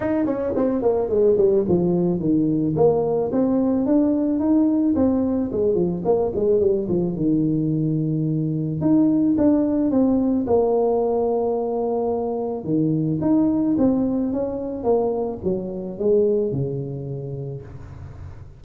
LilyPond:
\new Staff \with { instrumentName = "tuba" } { \time 4/4 \tempo 4 = 109 dis'8 cis'8 c'8 ais8 gis8 g8 f4 | dis4 ais4 c'4 d'4 | dis'4 c'4 gis8 f8 ais8 gis8 | g8 f8 dis2. |
dis'4 d'4 c'4 ais4~ | ais2. dis4 | dis'4 c'4 cis'4 ais4 | fis4 gis4 cis2 | }